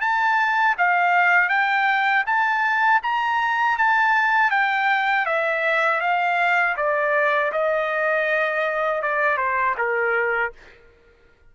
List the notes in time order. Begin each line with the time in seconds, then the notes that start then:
0.00 A5
0.77 F5
1.49 G5
2.26 A5
3.02 A#5
3.77 A5
4.50 G5
5.25 E5
6.00 F5
6.76 D5
7.52 D#5
9.02 D5
9.37 C5
9.77 A#4